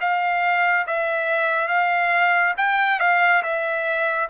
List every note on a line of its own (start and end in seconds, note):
0.00 0.86 F5
0.86 1.68 E5
1.68 2.54 F5
2.57 3.00 G5
3.00 3.42 F5
3.43 4.29 E5